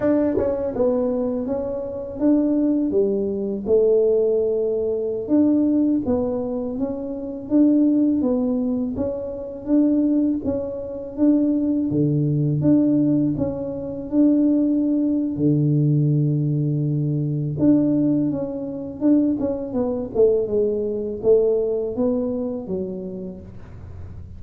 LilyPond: \new Staff \with { instrumentName = "tuba" } { \time 4/4 \tempo 4 = 82 d'8 cis'8 b4 cis'4 d'4 | g4 a2~ a16 d'8.~ | d'16 b4 cis'4 d'4 b8.~ | b16 cis'4 d'4 cis'4 d'8.~ |
d'16 d4 d'4 cis'4 d'8.~ | d'4 d2. | d'4 cis'4 d'8 cis'8 b8 a8 | gis4 a4 b4 fis4 | }